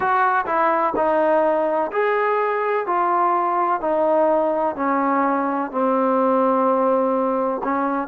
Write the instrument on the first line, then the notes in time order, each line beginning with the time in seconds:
trombone
0.00 F#4
0.45 E4
0.95 D#4
1.92 G#4
2.86 F4
3.81 D#4
4.75 C#4
5.71 C4
7.63 C#4